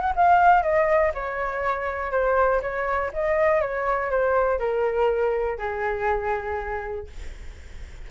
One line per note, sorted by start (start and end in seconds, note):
0.00 0.12 F#5
0.15 0.62 F5
0.62 1.12 D#5
1.14 2.11 C#5
2.11 2.61 C5
2.61 3.11 C#5
3.13 3.61 D#5
3.61 4.10 C#5
4.10 4.58 C5
4.58 5.58 A#4
5.58 7.07 G#4